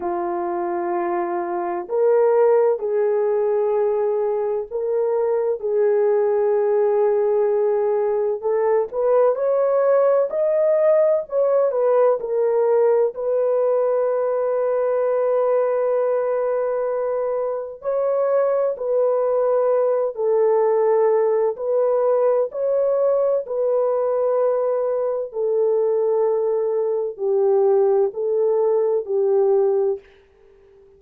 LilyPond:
\new Staff \with { instrumentName = "horn" } { \time 4/4 \tempo 4 = 64 f'2 ais'4 gis'4~ | gis'4 ais'4 gis'2~ | gis'4 a'8 b'8 cis''4 dis''4 | cis''8 b'8 ais'4 b'2~ |
b'2. cis''4 | b'4. a'4. b'4 | cis''4 b'2 a'4~ | a'4 g'4 a'4 g'4 | }